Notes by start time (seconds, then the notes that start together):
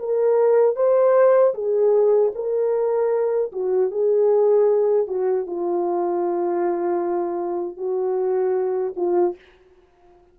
0.00 A#4
0.76 C5
1.55 G#4
2.36 A#4
3.53 F#4
3.92 G#4
5.08 F#4
5.47 F4
7.77 F#4
8.97 F4